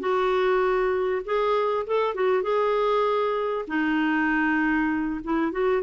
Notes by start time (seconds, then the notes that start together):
0.00 F#4
1.25 G#4
1.87 A4
2.15 F#4
2.43 G#4
3.68 D#4
5.24 E4
5.52 F#4